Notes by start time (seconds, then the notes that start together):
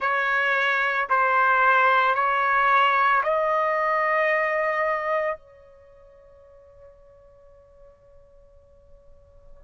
0.00 C#5
1.10 C5
2.14 C#5
3.23 D#5
5.37 C#5